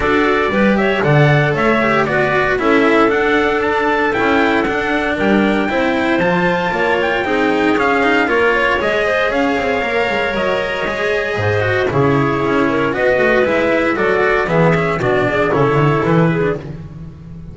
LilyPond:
<<
  \new Staff \with { instrumentName = "trumpet" } { \time 4/4 \tempo 4 = 116 d''4. e''8 fis''4 e''4 | d''4 e''4 fis''4 a''4 | g''4 fis''4 g''2 | a''4. g''4. f''4 |
cis''4 dis''4 f''2 | dis''2. cis''4~ | cis''4 dis''4 e''4 d''4 | e''4 d''4 cis''4 b'4 | }
  \new Staff \with { instrumentName = "clarinet" } { \time 4/4 a'4 b'8 cis''8 d''4 cis''4 | b'4 a'2.~ | a'2 ais'4 c''4~ | c''4 cis''4 gis'2 |
ais'8 cis''4 c''8 cis''2~ | cis''2 c''4 gis'4~ | gis'8 ais'8 b'2 a'4 | gis'4 fis'8 gis'8 a'4. gis'8 | }
  \new Staff \with { instrumentName = "cello" } { \time 4/4 fis'4 g'4 a'4. g'8 | fis'4 e'4 d'2 | e'4 d'2 e'4 | f'2 dis'4 cis'8 dis'8 |
f'4 gis'2 ais'4~ | ais'4 gis'4. fis'8 e'4~ | e'4 fis'4 e'4 fis'4 | b8 cis'8 d'4 e'4.~ e'16 d'16 | }
  \new Staff \with { instrumentName = "double bass" } { \time 4/4 d'4 g4 d4 a4 | b4 cis'4 d'2 | cis'4 d'4 g4 c'4 | f4 ais4 c'4 cis'4 |
ais4 gis4 cis'8 c'8 ais8 gis8 | fis4 gis4 gis,4 cis4 | cis'4 b8 a8 gis4 fis4 | e4 b,4 cis8 d8 e4 | }
>>